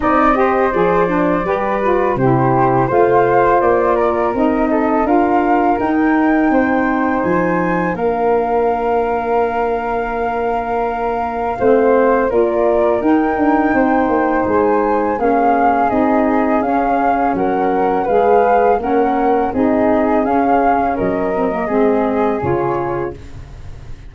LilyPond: <<
  \new Staff \with { instrumentName = "flute" } { \time 4/4 \tempo 4 = 83 dis''4 d''2 c''4 | f''4 d''4 dis''4 f''4 | g''2 gis''4 f''4~ | f''1~ |
f''4 d''4 g''2 | gis''4 f''4 dis''4 f''4 | fis''4 f''4 fis''4 dis''4 | f''4 dis''2 cis''4 | }
  \new Staff \with { instrumentName = "flute" } { \time 4/4 d''8 c''4. b'4 g'4 | c''4. ais'4 a'8 ais'4~ | ais'4 c''2 ais'4~ | ais'1 |
c''4 ais'2 c''4~ | c''4 gis'2. | ais'4 b'4 ais'4 gis'4~ | gis'4 ais'4 gis'2 | }
  \new Staff \with { instrumentName = "saxophone" } { \time 4/4 dis'8 g'8 gis'8 d'8 g'8 f'8 e'4 | f'2 dis'4 f'4 | dis'2. d'4~ | d'1 |
c'4 f'4 dis'2~ | dis'4 cis'4 dis'4 cis'4~ | cis'4 gis'4 cis'4 dis'4 | cis'4. c'16 ais16 c'4 f'4 | }
  \new Staff \with { instrumentName = "tuba" } { \time 4/4 c'4 f4 g4 c4 | a4 ais4 c'4 d'4 | dis'4 c'4 f4 ais4~ | ais1 |
a4 ais4 dis'8 d'8 c'8 ais8 | gis4 ais4 c'4 cis'4 | fis4 gis4 ais4 c'4 | cis'4 fis4 gis4 cis4 | }
>>